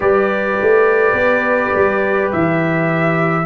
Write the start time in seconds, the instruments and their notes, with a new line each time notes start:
0.00 tuba G3, trombone G4, horn B4, trumpet D5
0.61 tuba A3
1.13 tuba B3
1.74 tuba G3
2.32 tuba E3, trumpet E5